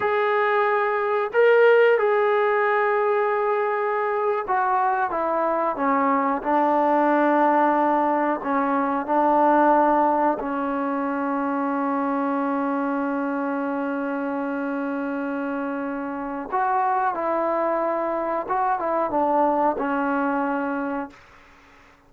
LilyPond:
\new Staff \with { instrumentName = "trombone" } { \time 4/4 \tempo 4 = 91 gis'2 ais'4 gis'4~ | gis'2~ gis'8. fis'4 e'16~ | e'8. cis'4 d'2~ d'16~ | d'8. cis'4 d'2 cis'16~ |
cis'1~ | cis'1~ | cis'4 fis'4 e'2 | fis'8 e'8 d'4 cis'2 | }